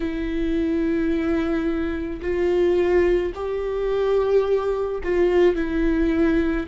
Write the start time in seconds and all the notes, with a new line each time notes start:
0.00 E4
2.21 F4
3.34 G4
5.03 F4
5.55 E4